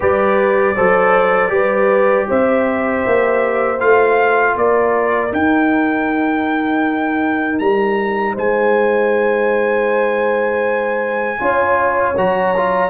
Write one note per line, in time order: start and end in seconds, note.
0.00 0.77 G3
0.00 0.76 G4
0.00 0.75 B4
0.00 2.29 D5
0.75 1.50 F#3
0.75 1.48 A4
0.75 1.51 C5
1.48 2.26 G3
1.48 3.76 G4
1.48 2.28 B4
2.28 3.05 C4
2.28 4.55 C5
2.28 3.80 E5
3.06 3.80 A#3
3.79 4.55 A3
3.79 5.30 F4
3.79 4.56 F5
4.55 5.31 A#3
4.55 8.33 A#4
4.55 5.33 D5
5.30 11.37 D#4
5.30 7.60 D#4
5.30 7.59 G5
7.59 8.36 G3
7.59 8.34 A#5
8.33 11.40 G#3
8.33 11.37 C5
8.33 12.17 G#5
11.39 12.16 C#4
11.39 12.15 F4
11.39 12.89 C#5
12.17 12.89 F#3
12.17 12.55 F#4
12.17 12.89 A#5
12.56 12.89 F4